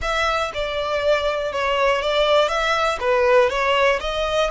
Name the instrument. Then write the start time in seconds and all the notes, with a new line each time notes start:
violin
0.01 E5
0.54 D5
1.52 C#5
2.01 D5
2.48 E5
3.00 B4
3.49 C#5
4.00 D#5